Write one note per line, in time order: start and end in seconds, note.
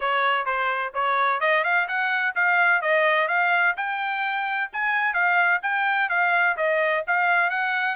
0.00 0.45 C#5
0.45 0.92 C5
0.94 1.40 C#5
1.40 1.64 D#5
1.64 1.87 F5
1.87 2.34 F#5
2.35 2.81 F5
2.81 3.28 D#5
3.28 3.75 F5
3.76 4.70 G5
4.72 5.13 G#5
5.13 5.60 F5
5.62 6.09 G5
6.09 6.56 F5
6.56 7.03 D#5
7.07 7.50 F5
7.50 7.95 F#5